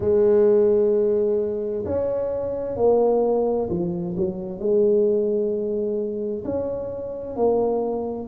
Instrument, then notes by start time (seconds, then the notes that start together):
tuba
0.00 G#3
1.85 C#4
2.76 A#3
3.69 F3
4.16 F#3
4.59 G#3
6.44 C#4
7.36 A#3